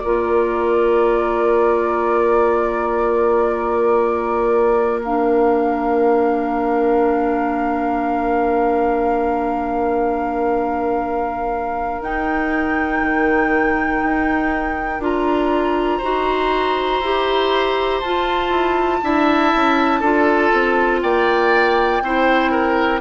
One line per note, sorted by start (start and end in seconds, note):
0.00 12.01 A#3
0.00 5.04 F4
0.00 15.98 A#4
0.00 5.00 D5
5.04 12.03 D4
5.04 12.03 F5
12.01 13.01 D#4
12.01 15.01 D#4
12.01 15.03 G5
13.02 14.02 D#3
14.04 15.00 D#4
15.00 16.00 D4
15.00 16.01 F4
15.00 18.00 A#5
15.98 17.01 D#4
15.98 17.03 F#4
15.98 18.98 C5
17.01 18.01 E4
17.01 18.04 G4
18.00 18.50 F4
18.00 19.03 F4
18.00 21.00 A5
18.50 19.00 E4
19.03 19.54 D4
19.03 20.03 E4
19.03 20.01 E5
19.56 20.01 C#4
20.01 20.51 D4
20.01 22.03 F4
20.01 21.01 A4
20.53 21.03 C4
21.02 22.02 A#3
21.02 22.03 D5
21.02 23.01 G5
22.02 23.01 C4
22.02 23.01 E4
22.02 22.52 C5
22.52 23.01 A#4